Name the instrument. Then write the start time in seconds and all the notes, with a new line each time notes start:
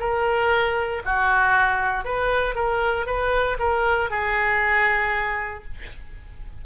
oboe
0.00 A#4
1.05 F#4
2.05 B4
2.55 A#4
3.06 B4
3.59 A#4
4.10 G#4